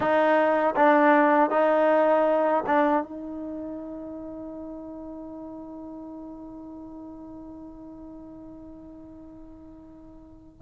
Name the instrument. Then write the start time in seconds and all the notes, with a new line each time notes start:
trombone
0.00 D#4
0.76 D4
1.49 D#4
2.66 D4
3.03 D#4